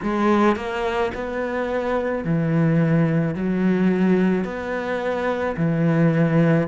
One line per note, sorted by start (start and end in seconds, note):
0.02 0.56 G#3
0.56 1.11 A#3
1.14 2.24 B3
2.24 3.34 E3
3.34 4.44 F#3
4.44 5.55 B3
5.57 6.67 E3